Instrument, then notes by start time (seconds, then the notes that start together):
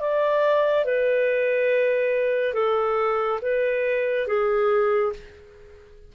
clarinet
0.00 D5
0.85 B4
2.54 A4
3.42 B4
4.27 G#4